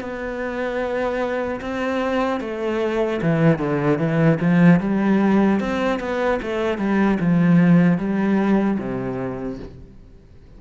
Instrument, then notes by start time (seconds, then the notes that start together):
cello
0.00 B3
1.60 C4
2.40 A3
3.22 E3
3.58 D3
3.98 E3
4.40 F3
4.80 G3
5.60 C4
5.99 B3
6.41 A3
6.78 G3
7.20 F3
7.98 G3
8.79 C3